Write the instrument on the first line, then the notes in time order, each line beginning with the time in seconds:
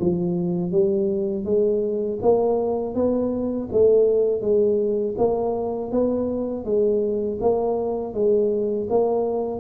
tuba
0.00 F3
0.72 G3
1.45 G#3
2.22 A#3
2.95 B3
3.72 A3
4.41 G#3
5.18 A#3
5.92 B3
6.65 G#3
7.41 A#3
8.14 G#3
8.90 A#3